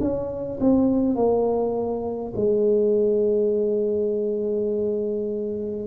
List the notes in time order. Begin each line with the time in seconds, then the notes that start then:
0.00 C#4
0.60 C4
1.15 A#3
2.36 G#3